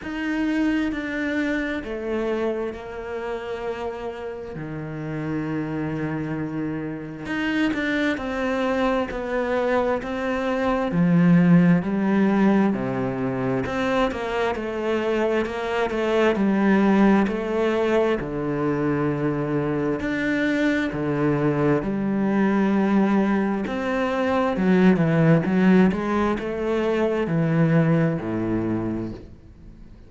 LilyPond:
\new Staff \with { instrumentName = "cello" } { \time 4/4 \tempo 4 = 66 dis'4 d'4 a4 ais4~ | ais4 dis2. | dis'8 d'8 c'4 b4 c'4 | f4 g4 c4 c'8 ais8 |
a4 ais8 a8 g4 a4 | d2 d'4 d4 | g2 c'4 fis8 e8 | fis8 gis8 a4 e4 a,4 | }